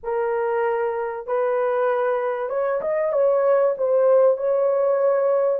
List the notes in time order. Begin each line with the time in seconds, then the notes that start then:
0.03 A#4
1.26 B4
2.49 C#5
2.81 D#5
3.12 C#5
3.77 C5
4.37 C#5